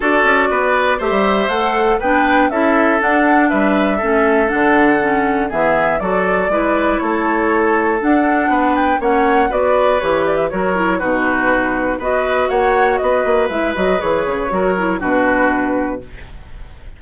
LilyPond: <<
  \new Staff \with { instrumentName = "flute" } { \time 4/4 \tempo 4 = 120 d''2 e''4 fis''4 | g''4 e''4 fis''4 e''4~ | e''4 fis''2 e''4 | d''2 cis''2 |
fis''4. g''8 fis''4 d''4 | cis''8 d''16 e''16 cis''4 b'2 | dis''4 fis''4 dis''4 e''8 dis''8 | cis''2 b'2 | }
  \new Staff \with { instrumentName = "oboe" } { \time 4/4 a'4 b'4 c''2 | b'4 a'2 b'4 | a'2. gis'4 | a'4 b'4 a'2~ |
a'4 b'4 cis''4 b'4~ | b'4 ais'4 fis'2 | b'4 cis''4 b'2~ | b'4 ais'4 fis'2 | }
  \new Staff \with { instrumentName = "clarinet" } { \time 4/4 fis'2 g'4 a'4 | d'4 e'4 d'2 | cis'4 d'4 cis'4 b4 | fis'4 e'2. |
d'2 cis'4 fis'4 | g'4 fis'8 e'8 dis'2 | fis'2. e'8 fis'8 | gis'4 fis'8 e'8 d'2 | }
  \new Staff \with { instrumentName = "bassoon" } { \time 4/4 d'8 cis'8 b4 a16 g8. a4 | b4 cis'4 d'4 g4 | a4 d2 e4 | fis4 gis4 a2 |
d'4 b4 ais4 b4 | e4 fis4 b,2 | b4 ais4 b8 ais8 gis8 fis8 | e8 cis8 fis4 b,2 | }
>>